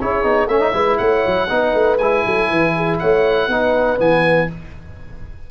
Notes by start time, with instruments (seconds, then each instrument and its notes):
0.00 tuba C#4, trombone E4, horn G#4, oboe C#5
0.23 tuba B3, trombone D#4
0.47 tuba A3, trombone C#4, horn C#5, oboe E5
0.60 trombone D#4
0.72 tuba G#3, trombone E4, horn B4
0.97 tuba A3, horn C#5, oboe F#5
1.27 tuba F#3
1.49 tuba B3, trombone D#4, horn B4
1.74 tuba A3
1.97 tuba G#3, trombone E4, oboe G#5
2.26 tuba F#3, horn A4
2.49 tuba E3, horn B4
2.76 horn G#4
2.98 tuba A3, horn C#5, oboe F#5
3.48 tuba B3, trombone D#4, horn B4
3.98 tuba E3, trombone B3, oboe G#5